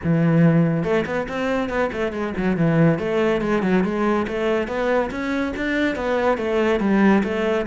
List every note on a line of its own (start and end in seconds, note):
0.03 0.83 E3
0.83 1.04 A3
1.05 1.27 B3
1.28 1.69 C4
1.69 1.90 B3
1.92 2.12 A3
2.12 2.33 G#3
2.37 2.56 F#3
2.56 2.98 E3
2.98 3.41 A3
3.41 3.62 G#3
3.62 3.83 F#3
3.84 4.26 G#3
4.27 4.67 A3
4.67 5.10 B3
5.10 5.53 C#4
5.56 5.95 D4
5.95 6.37 B3
6.37 6.80 A3
6.80 7.22 G3
7.23 7.66 A3